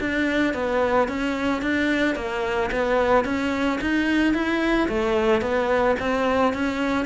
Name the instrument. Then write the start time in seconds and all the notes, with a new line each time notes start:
cello
0.00 D4
0.54 B3
1.08 C#4
1.62 D4
2.15 A#3
2.71 B3
3.25 C#4
3.81 D#4
4.34 E4
4.88 A3
5.41 B3
5.99 C4
6.53 C#4